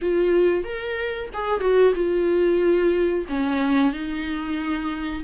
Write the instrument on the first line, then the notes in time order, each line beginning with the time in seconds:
viola
0.01 F4
0.64 A#4
1.33 G#4
1.60 F#4
1.94 F4
3.28 C#4
3.92 D#4